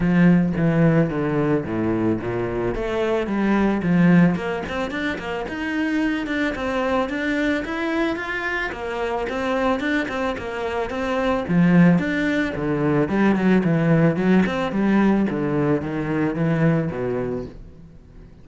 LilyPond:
\new Staff \with { instrumentName = "cello" } { \time 4/4 \tempo 4 = 110 f4 e4 d4 a,4 | ais,4 a4 g4 f4 | ais8 c'8 d'8 ais8 dis'4. d'8 | c'4 d'4 e'4 f'4 |
ais4 c'4 d'8 c'8 ais4 | c'4 f4 d'4 d4 | g8 fis8 e4 fis8 c'8 g4 | d4 dis4 e4 b,4 | }